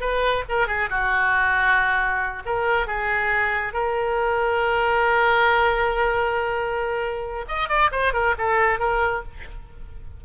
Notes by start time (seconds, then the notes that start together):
0.00 B4
0.48 A#4
0.67 G#4
0.89 F#4
2.45 A#4
2.86 G#4
3.73 A#4
7.48 D#5
7.68 D5
7.91 C5
8.13 A#4
8.37 A4
8.79 A#4